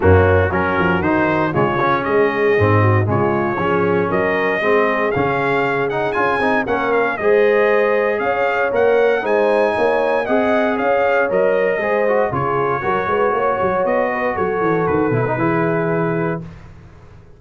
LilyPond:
<<
  \new Staff \with { instrumentName = "trumpet" } { \time 4/4 \tempo 4 = 117 fis'4 ais'4 c''4 cis''4 | dis''2 cis''2 | dis''2 f''4. fis''8 | gis''4 fis''8 f''8 dis''2 |
f''4 fis''4 gis''2 | fis''4 f''4 dis''2 | cis''2. dis''4 | cis''4 b'2. | }
  \new Staff \with { instrumentName = "horn" } { \time 4/4 cis'4 fis'2 f'4 | gis'4. fis'8 f'4 gis'4 | ais'4 gis'2.~ | gis'4 ais'4 c''2 |
cis''2 c''4 cis''4 | dis''4 cis''2 c''4 | gis'4 ais'8 b'8 cis''4. b'8 | a'2 gis'2 | }
  \new Staff \with { instrumentName = "trombone" } { \time 4/4 ais4 cis'4 dis'4 gis8 cis'8~ | cis'4 c'4 gis4 cis'4~ | cis'4 c'4 cis'4. dis'8 | f'8 dis'8 cis'4 gis'2~ |
gis'4 ais'4 dis'2 | gis'2 ais'4 gis'8 fis'8 | f'4 fis'2.~ | fis'4. e'16 dis'16 e'2 | }
  \new Staff \with { instrumentName = "tuba" } { \time 4/4 fis,4 fis8 f8 dis4 cis4 | gis4 gis,4 cis4 f4 | fis4 gis4 cis2 | cis'8 c'8 ais4 gis2 |
cis'4 ais4 gis4 ais4 | c'4 cis'4 fis4 gis4 | cis4 fis8 gis8 ais8 fis8 b4 | fis8 e8 dis8 b,8 e2 | }
>>